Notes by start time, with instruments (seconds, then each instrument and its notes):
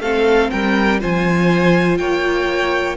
0.00 cello A3, viola C4, violin A4 F5
0.50 cello G3, violin A#4 G5
1.00 cello F3, viola F4, violin C5 G#5
1.98 cello A#3, violin C#5 G5